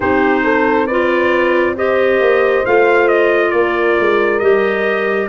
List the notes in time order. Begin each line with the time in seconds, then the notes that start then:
0.00 C4 D#4 G4 C5
0.43 A4
0.86 F4 B4 D5
1.75 G4 C5 D#5
2.19 A#3
2.65 A3 F4 F5
3.08 D#5
3.51 A#3 A#4 D5
3.99 G#3
4.39 G3 G4 D#5